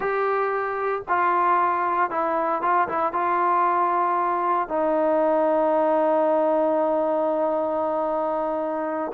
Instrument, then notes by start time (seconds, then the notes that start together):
trombone
0.00 G4
1.08 F4
2.10 E4
2.62 F4
2.88 E4
3.12 F4
4.68 D#4